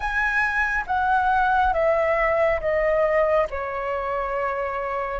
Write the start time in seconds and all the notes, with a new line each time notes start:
0.00 G#5
0.87 F#5
1.73 E5
2.60 D#5
3.50 C#5